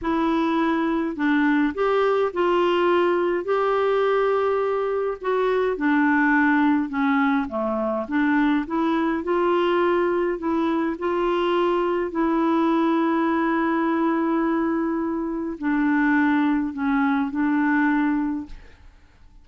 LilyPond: \new Staff \with { instrumentName = "clarinet" } { \time 4/4 \tempo 4 = 104 e'2 d'4 g'4 | f'2 g'2~ | g'4 fis'4 d'2 | cis'4 a4 d'4 e'4 |
f'2 e'4 f'4~ | f'4 e'2.~ | e'2. d'4~ | d'4 cis'4 d'2 | }